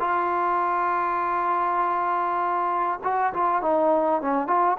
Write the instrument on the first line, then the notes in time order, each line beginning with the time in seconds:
trombone
0.00 F4
3.04 F#4
3.34 F4
3.62 D#4
4.22 C#4
4.47 F4